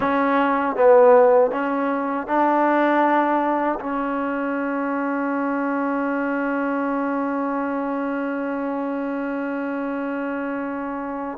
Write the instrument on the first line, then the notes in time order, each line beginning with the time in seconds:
trombone
0.00 C#4
0.76 B3
1.51 C#4
2.27 D4
3.80 C#4